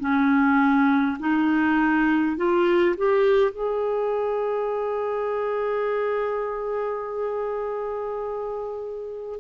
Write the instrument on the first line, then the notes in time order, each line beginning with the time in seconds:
clarinet
0.00 C#4
1.20 D#4
2.37 F4
2.97 G4
3.51 G#4